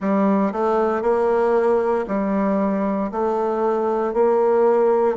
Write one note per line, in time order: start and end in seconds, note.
0.00 0.52 G3
0.52 1.02 A3
1.02 2.05 A#3
2.07 3.11 G3
3.11 4.13 A3
4.13 5.16 A#3